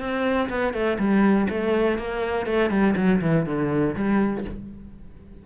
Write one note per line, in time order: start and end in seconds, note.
0.00 0.49 C4
0.49 0.74 B3
0.74 0.98 A3
0.99 1.48 G3
1.50 1.98 A3
1.98 2.46 A#3
2.46 2.70 A3
2.70 2.95 G3
2.96 3.21 F#3
3.21 3.46 E3
3.46 3.95 D3
3.95 4.45 G3